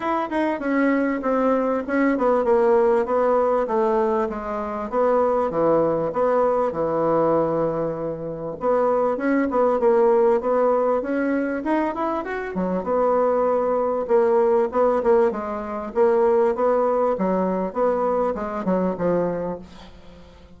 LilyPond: \new Staff \with { instrumentName = "bassoon" } { \time 4/4 \tempo 4 = 98 e'8 dis'8 cis'4 c'4 cis'8 b8 | ais4 b4 a4 gis4 | b4 e4 b4 e4~ | e2 b4 cis'8 b8 |
ais4 b4 cis'4 dis'8 e'8 | fis'8 fis8 b2 ais4 | b8 ais8 gis4 ais4 b4 | fis4 b4 gis8 fis8 f4 | }